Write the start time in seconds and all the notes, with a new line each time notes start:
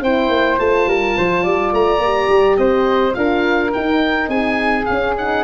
0.00 C4 E4 C5 G5
0.29 A#3
0.58 A3 F4 A5
0.86 G3 A#4
1.17 F3 C5
1.43 G3 D5
1.73 A3 A#5
1.99 A#3 G4
2.29 G3
2.57 C4 C5 D#5
3.14 D4 F4 A#4 F5
3.71 D#4 G5
4.28 C4 G#4 G#5
4.85 C#4 F5
5.18 D#4 F#5